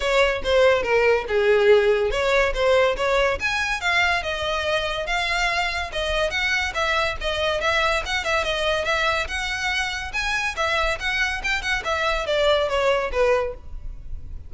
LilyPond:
\new Staff \with { instrumentName = "violin" } { \time 4/4 \tempo 4 = 142 cis''4 c''4 ais'4 gis'4~ | gis'4 cis''4 c''4 cis''4 | gis''4 f''4 dis''2 | f''2 dis''4 fis''4 |
e''4 dis''4 e''4 fis''8 e''8 | dis''4 e''4 fis''2 | gis''4 e''4 fis''4 g''8 fis''8 | e''4 d''4 cis''4 b'4 | }